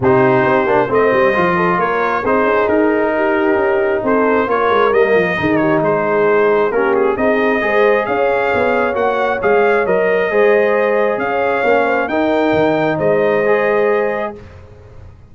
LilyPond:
<<
  \new Staff \with { instrumentName = "trumpet" } { \time 4/4 \tempo 4 = 134 c''2 dis''2 | cis''4 c''4 ais'2~ | ais'4 c''4 cis''4 dis''4~ | dis''8 cis''8 c''2 ais'8 gis'8 |
dis''2 f''2 | fis''4 f''4 dis''2~ | dis''4 f''2 g''4~ | g''4 dis''2. | }
  \new Staff \with { instrumentName = "horn" } { \time 4/4 g'2 c''4. a'8 | ais'4 gis'2 g'4~ | g'4 a'4 ais'2 | gis'8 g'8 gis'2 g'4 |
gis'4 c''4 cis''2~ | cis''2. c''4~ | c''4 cis''4. c''8 ais'4~ | ais'4 c''2. | }
  \new Staff \with { instrumentName = "trombone" } { \time 4/4 dis'4. d'8 c'4 f'4~ | f'4 dis'2.~ | dis'2 f'4 ais4 | dis'2. cis'4 |
dis'4 gis'2. | fis'4 gis'4 ais'4 gis'4~ | gis'2 cis'4 dis'4~ | dis'2 gis'2 | }
  \new Staff \with { instrumentName = "tuba" } { \time 4/4 c4 c'8 ais8 a8 g8 f4 | ais4 c'8 cis'8 dis'2 | cis'4 c'4 ais8 gis8 g8 f8 | dis4 gis2 ais4 |
c'4 gis4 cis'4 b4 | ais4 gis4 fis4 gis4~ | gis4 cis'4 ais4 dis'4 | dis4 gis2. | }
>>